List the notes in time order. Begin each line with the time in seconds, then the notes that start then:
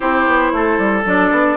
0.00 C4 E4 G4 C5
0.26 B3
0.52 A3 A4
0.77 G3
1.04 F#3 D4 D5
1.31 B3